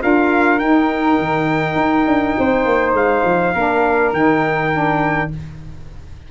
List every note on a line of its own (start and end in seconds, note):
0.00 0.60 D4
0.00 0.59 F4
0.00 2.38 A#4
0.00 0.59 F5
0.59 1.19 D#4
0.59 3.55 D#4
0.59 2.94 G5
1.19 1.76 D#3
1.76 2.05 D#4
2.06 2.35 D4
2.38 2.65 C4
2.38 3.53 C5
2.65 2.93 A#3
2.93 3.22 G#3
2.93 4.13 F5
3.24 3.54 F3
3.53 4.13 A#3
3.53 4.14 D4
3.53 5.30 A#4
4.13 5.30 D#3
4.13 4.72 D#4
4.13 5.31 G5
4.72 5.31 D4